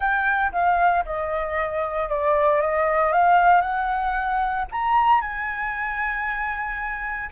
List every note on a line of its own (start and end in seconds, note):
0.00 0.51 G5
0.52 1.04 F5
1.05 2.09 D#5
2.09 2.61 D5
2.61 3.12 D#5
3.12 3.61 F5
3.61 4.65 F#5
4.71 5.21 A#5
5.21 7.29 G#5